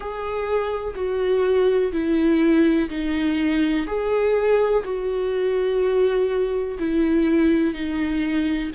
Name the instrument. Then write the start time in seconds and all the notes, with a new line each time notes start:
viola
0.00 G#4
0.95 F#4
1.92 E4
2.89 D#4
3.87 G#4
4.84 F#4
6.79 E4
7.74 D#4